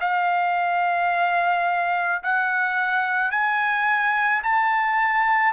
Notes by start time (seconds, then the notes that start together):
0.00 F5
2.23 F#5
3.31 G#5
4.43 A5